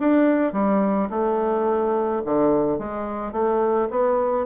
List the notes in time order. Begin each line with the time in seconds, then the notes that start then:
0.00 D4
0.53 G3
1.10 A3
2.25 D3
2.79 G#3
3.33 A3
3.90 B3